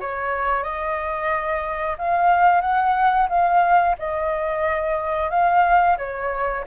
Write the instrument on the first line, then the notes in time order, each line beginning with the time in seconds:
flute
0.00 C#5
0.63 D#5
1.98 F5
2.61 F#5
3.29 F5
3.98 D#5
5.30 F5
5.98 C#5